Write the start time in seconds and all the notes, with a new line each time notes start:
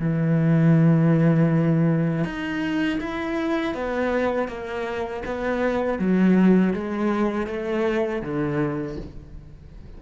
0.00 E3
2.25 D#4
3.01 E4
3.75 B3
4.48 A#3
5.26 B3
5.99 F#3
6.74 G#3
7.47 A3
8.22 D3